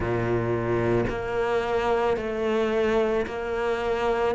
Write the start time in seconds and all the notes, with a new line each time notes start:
0.00 A#2
1.09 A#3
2.17 A3
3.26 A#3